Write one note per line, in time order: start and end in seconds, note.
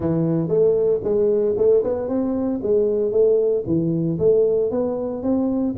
0.00 0.48 E3
0.48 1.00 A3
1.03 1.55 G#3
1.57 1.83 A3
1.83 2.08 B3
2.08 2.60 C4
2.62 3.11 G#3
3.11 3.63 A3
3.66 4.18 E3
4.18 4.71 A3
4.71 5.22 B3
5.22 5.75 C4